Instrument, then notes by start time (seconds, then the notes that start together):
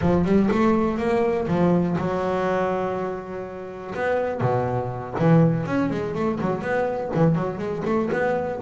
double bass
0.01 F3
0.24 G3
0.51 A3
0.98 A#3
1.47 F3
1.97 F#3
3.95 B3
4.40 B2
5.19 E3
5.66 C#4
5.90 G#3
6.14 A3
6.41 F#3
6.61 B3
7.14 E3
7.35 F#3
7.58 G#3
7.84 A3
8.12 B3